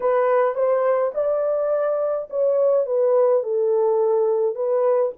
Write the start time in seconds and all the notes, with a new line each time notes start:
0.00 B4
0.54 C5
1.14 D5
2.30 C#5
2.86 B4
3.43 A4
4.55 B4